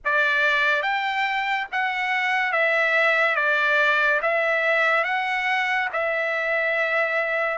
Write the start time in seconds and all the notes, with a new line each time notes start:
0.04 D5
0.82 G5
1.72 F#5
2.52 E5
3.35 D5
4.21 E5
5.04 F#5
5.92 E5